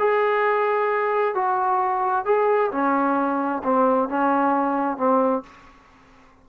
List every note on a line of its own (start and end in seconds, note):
0.00 1.35 G#4
1.35 2.26 F#4
2.26 2.71 G#4
2.72 3.63 C#4
3.64 4.10 C4
4.10 4.98 C#4
4.98 5.43 C4